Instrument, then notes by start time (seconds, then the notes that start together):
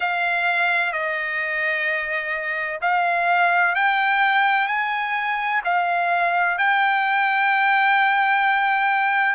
trumpet
0.00 F5
0.92 D#5
2.81 F5
3.75 G5
4.67 G#5
5.64 F5
6.58 G5